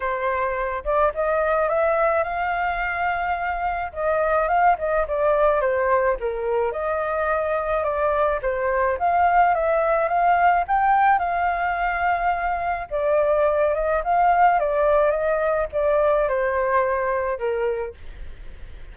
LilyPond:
\new Staff \with { instrumentName = "flute" } { \time 4/4 \tempo 4 = 107 c''4. d''8 dis''4 e''4 | f''2. dis''4 | f''8 dis''8 d''4 c''4 ais'4 | dis''2 d''4 c''4 |
f''4 e''4 f''4 g''4 | f''2. d''4~ | d''8 dis''8 f''4 d''4 dis''4 | d''4 c''2 ais'4 | }